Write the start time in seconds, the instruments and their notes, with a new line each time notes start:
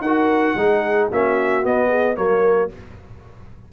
0.00 tuba D#4, horn A#4, trumpet F#5
0.06 trombone F#4
0.55 tuba G#3, trombone D#4, horn G#4
1.09 tuba A#3, trombone C#4, horn F#4, trumpet E5
1.63 trombone B3, tuba B3, trumpet D#5
1.88 horn G#4
2.15 tuba F#3, trombone A#3, horn A#4, trumpet C#5